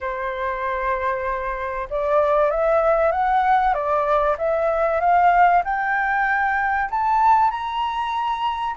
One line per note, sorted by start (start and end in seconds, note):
0.01 1.88 C5
1.89 2.50 D5
2.50 3.11 E5
3.11 3.73 F#5
3.73 4.36 D5
4.38 5.00 E5
5.00 5.62 F5
5.64 6.89 G5
6.90 7.50 A5
7.50 8.75 A#5